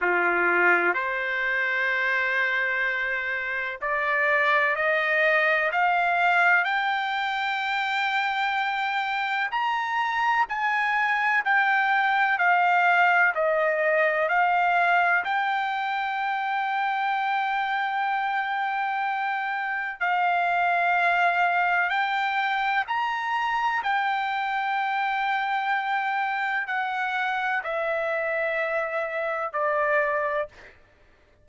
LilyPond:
\new Staff \with { instrumentName = "trumpet" } { \time 4/4 \tempo 4 = 63 f'4 c''2. | d''4 dis''4 f''4 g''4~ | g''2 ais''4 gis''4 | g''4 f''4 dis''4 f''4 |
g''1~ | g''4 f''2 g''4 | ais''4 g''2. | fis''4 e''2 d''4 | }